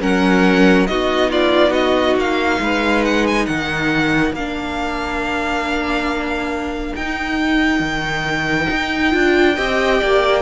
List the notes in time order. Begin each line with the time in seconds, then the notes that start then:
0.00 F#3 C#4 A#4 F#5
0.87 B3 D#4 F#4 D#5
1.31 F4 D5
1.71 F#4 D#5
2.16 A#3 F5
2.61 G#3 B4
3.05 F#5
3.27 G#5
3.46 D#3 A#4 F#5
4.32 A#3 D4 F5
6.96 D#4 G5
7.80 D#3
8.71 D#4
9.11 D4 F4
9.56 C4 G4 D#5
9.99 A#3 D5